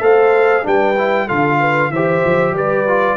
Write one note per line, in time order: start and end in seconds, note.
0.00 0.63 A3
0.00 0.62 A4
0.00 0.65 C5
0.00 0.66 F5
0.62 1.29 G3
0.62 0.94 D4
0.62 1.26 B4
0.62 1.28 G5
0.98 1.28 E4
1.26 1.90 D3
1.26 1.91 F4
1.26 1.58 A4
1.26 1.91 F5
1.59 1.91 B4
1.90 2.21 E3
1.90 2.87 G4
1.90 2.54 C5
1.90 2.54 E5
2.24 2.51 F3
2.51 3.14 G3
2.51 3.16 B4
2.57 3.16 D5
2.87 3.16 F4